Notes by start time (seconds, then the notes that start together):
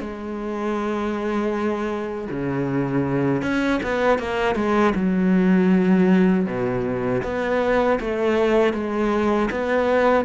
0.00 G#3
2.30 C#3
3.42 C#4
3.83 B3
4.18 A#3
4.55 G#3
4.95 F#3
6.46 B2
7.23 B3
8.00 A3
8.73 G#3
9.50 B3